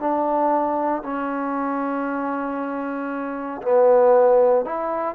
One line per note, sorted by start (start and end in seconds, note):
0.00 1.03 D4
1.03 3.62 C#4
3.63 4.66 B3
4.66 5.15 E4